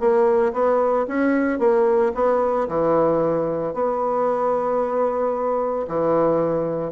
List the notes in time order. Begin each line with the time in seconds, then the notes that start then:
0.00 A#3
0.53 B3
1.08 C#4
1.60 A#3
2.15 B3
2.69 E3
3.74 B3
5.88 E3